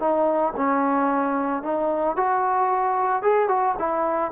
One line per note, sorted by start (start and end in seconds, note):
0.00 0.54 D#4
0.57 1.63 C#4
1.63 2.17 D#4
2.17 3.23 F#4
3.23 3.49 G#4
3.49 3.75 F#4
3.79 4.32 E4